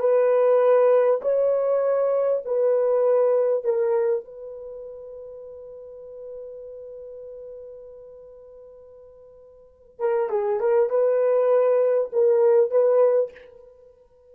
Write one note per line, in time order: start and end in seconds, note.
0.00 1.21 B4
1.22 2.43 C#5
2.45 3.64 B4
3.64 4.25 A#4
4.25 10.00 B4
10.00 10.30 A#4
10.30 10.60 G#4
10.60 10.90 A#4
10.90 12.11 B4
12.13 12.71 A#4
12.71 13.32 B4